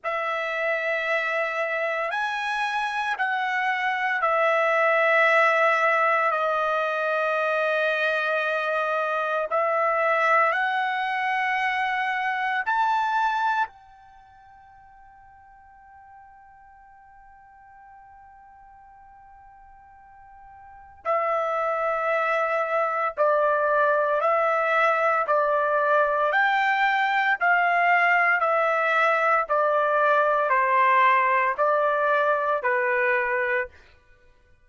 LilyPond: \new Staff \with { instrumentName = "trumpet" } { \time 4/4 \tempo 4 = 57 e''2 gis''4 fis''4 | e''2 dis''2~ | dis''4 e''4 fis''2 | a''4 g''2.~ |
g''1 | e''2 d''4 e''4 | d''4 g''4 f''4 e''4 | d''4 c''4 d''4 b'4 | }